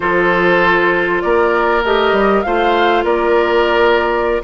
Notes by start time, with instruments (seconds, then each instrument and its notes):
0.00 bassoon F3, clarinet F4, oboe A4, flute C5
1.21 bassoon A#3, oboe A#4, flute D5
1.84 bassoon A3, clarinet G4, flute D#5
2.12 bassoon G3
2.42 bassoon A3, clarinet F4, oboe C5, flute F5
3.04 bassoon A#3, oboe A#4, flute D5